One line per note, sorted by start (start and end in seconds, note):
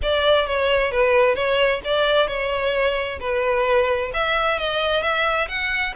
0.02 0.46 D5
0.46 0.91 C#5
0.91 1.35 B4
1.35 1.80 C#5
1.84 2.27 D5
2.27 3.19 C#5
3.19 4.11 B4
4.13 4.58 E5
4.58 5.02 D#5
5.02 5.48 E5
5.48 5.94 F#5